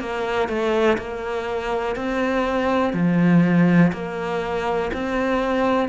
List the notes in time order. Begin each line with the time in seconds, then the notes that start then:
0.00 A#3
0.49 A3
0.98 A#3
1.96 C4
2.94 F3
3.93 A#3
4.94 C4